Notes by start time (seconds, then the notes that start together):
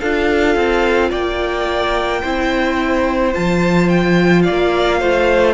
0.00 D4 F4 A4 F5
0.56 C4
1.10 A#3 D5 G5
2.21 C4 E4 C5
3.34 F3 F4 A5
3.89 G5
4.42 D5 F5
4.50 A#3
4.99 A3 C5